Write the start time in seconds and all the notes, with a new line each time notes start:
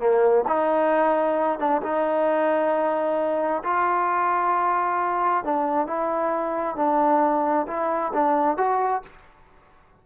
0.00 A#3
0.48 D#4
1.60 D4
1.83 D#4
3.64 F4
5.45 D4
5.87 E4
6.77 D4
7.68 E4
8.14 D4
8.58 F#4